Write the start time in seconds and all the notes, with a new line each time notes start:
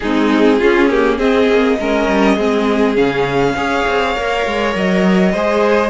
0.00 G#3 C4 D#4 G#4
0.58 C#4 F4
0.89 A#3 G4
1.17 C4 G#4 D#5
1.49 A#3
1.79 G#3 C#4 A#4
2.07 G3
2.35 G#3 C4 G#4
2.95 C#3 C#4 F5
3.54 C#4 G#4 C#5
3.87 C4
4.15 A#3 A#4
4.46 G#3
4.75 F#3 D#5
5.32 G#3 G#4 C5